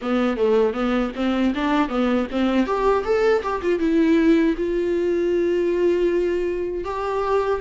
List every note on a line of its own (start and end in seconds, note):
0.01 0.36 B3
0.36 0.73 A3
0.73 1.11 B3
1.15 1.53 C4
1.54 1.88 D4
1.88 2.26 B3
2.31 2.66 C4
2.66 3.04 G4
3.04 3.42 A4
3.42 3.61 G4
3.62 3.79 F4
3.79 4.55 E4
4.57 6.84 F4
6.84 7.60 G4